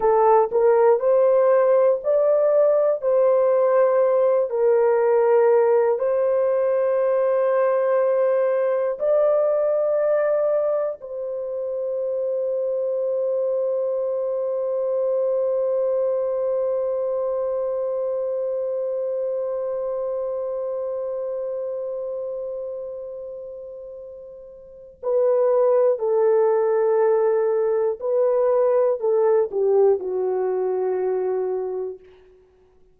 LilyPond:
\new Staff \with { instrumentName = "horn" } { \time 4/4 \tempo 4 = 60 a'8 ais'8 c''4 d''4 c''4~ | c''8 ais'4. c''2~ | c''4 d''2 c''4~ | c''1~ |
c''1~ | c''1~ | c''4 b'4 a'2 | b'4 a'8 g'8 fis'2 | }